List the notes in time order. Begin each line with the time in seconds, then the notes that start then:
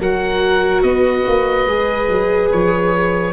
0.00 F#3 F#4 A#4 F#5
0.83 B3 B4 D#5
1.28 A#3
1.67 G#3 G#4
2.09 F#3
2.52 F3 C#5